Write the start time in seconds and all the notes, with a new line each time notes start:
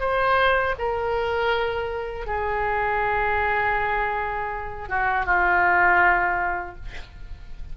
0.00 C5
0.79 A#4
2.27 G#4
4.89 F#4
5.26 F4